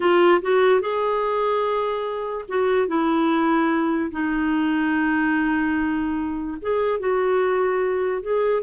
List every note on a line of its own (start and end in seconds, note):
0.00 0.41 F4
0.41 0.80 F#4
0.80 2.45 G#4
2.48 2.87 F#4
2.87 4.10 E4
4.11 6.57 D#4
6.61 6.99 G#4
6.99 8.22 F#4
8.22 8.62 G#4